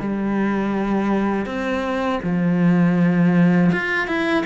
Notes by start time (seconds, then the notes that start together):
0.00 G3
1.45 C4
2.23 F3
3.72 F4
4.07 E4